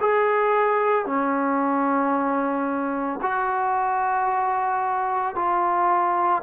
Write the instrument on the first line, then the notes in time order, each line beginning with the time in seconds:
trombone
0.00 G#4
1.06 C#4
3.22 F#4
5.35 F4